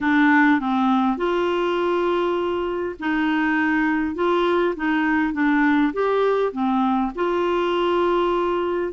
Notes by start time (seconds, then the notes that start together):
0.01 D4
0.59 C4
1.17 F4
2.99 D#4
4.15 F4
4.76 D#4
5.33 D4
5.93 G4
6.52 C4
7.15 F4